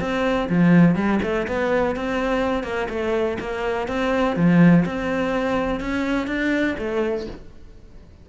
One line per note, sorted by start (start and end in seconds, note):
0.00 0.48 C4
0.49 0.95 F3
0.95 1.20 G3
1.23 1.47 A3
1.47 1.96 B3
1.96 2.64 C4
2.64 2.88 A#3
2.89 3.38 A3
3.40 3.88 A#3
3.88 4.36 C4
4.36 4.85 F3
4.85 5.80 C4
5.80 6.27 C#4
6.27 6.76 D4
6.78 7.26 A3